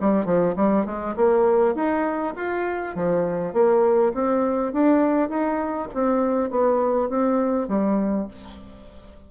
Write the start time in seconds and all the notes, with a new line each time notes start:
0.00 G3
0.25 F3
0.56 G3
0.85 G#3
1.16 A#3
1.74 D#4
2.36 F4
2.95 F3
3.53 A#3
4.13 C4
4.73 D4
5.29 D#4
5.94 C4
6.50 B3
7.09 C4
7.68 G3